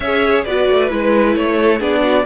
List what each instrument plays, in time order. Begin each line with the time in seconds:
0.00 cello C#4, viola G#4, violin C#5 E5
0.44 cello B3, viola F#4, violin B4 D5
0.69 cello A3
0.89 cello G#3, viola E4, violin B4
1.35 cello A3, violin C#5
1.59 violin A4
1.79 cello B3, viola D4, violin G#4 D5
2.02 violin F#4